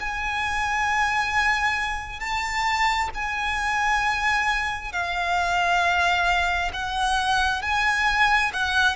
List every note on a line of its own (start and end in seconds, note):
0.00 2.20 G#5
2.20 3.09 A5
3.14 4.92 G#5
4.92 6.71 F5
6.73 7.62 F#5
7.62 8.51 G#5
8.53 8.96 F#5